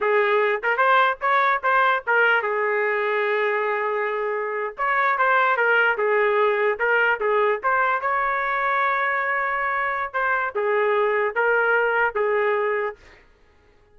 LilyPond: \new Staff \with { instrumentName = "trumpet" } { \time 4/4 \tempo 4 = 148 gis'4. ais'8 c''4 cis''4 | c''4 ais'4 gis'2~ | gis'2.~ gis'8. cis''16~ | cis''8. c''4 ais'4 gis'4~ gis'16~ |
gis'8. ais'4 gis'4 c''4 cis''16~ | cis''1~ | cis''4 c''4 gis'2 | ais'2 gis'2 | }